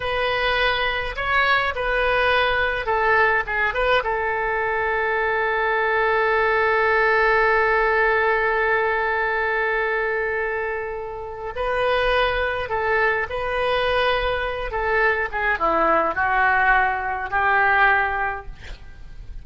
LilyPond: \new Staff \with { instrumentName = "oboe" } { \time 4/4 \tempo 4 = 104 b'2 cis''4 b'4~ | b'4 a'4 gis'8 b'8 a'4~ | a'1~ | a'1~ |
a'1 | b'2 a'4 b'4~ | b'4. a'4 gis'8 e'4 | fis'2 g'2 | }